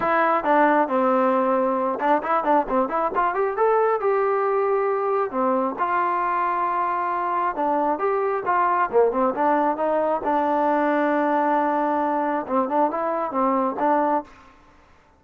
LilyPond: \new Staff \with { instrumentName = "trombone" } { \time 4/4 \tempo 4 = 135 e'4 d'4 c'2~ | c'8 d'8 e'8 d'8 c'8 e'8 f'8 g'8 | a'4 g'2. | c'4 f'2.~ |
f'4 d'4 g'4 f'4 | ais8 c'8 d'4 dis'4 d'4~ | d'1 | c'8 d'8 e'4 c'4 d'4 | }